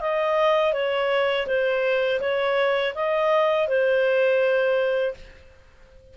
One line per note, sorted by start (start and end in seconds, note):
0.00 0.73 D#5
0.73 1.46 C#5
1.46 2.20 C5
2.20 2.93 C#5
2.95 3.68 D#5
3.68 5.14 C5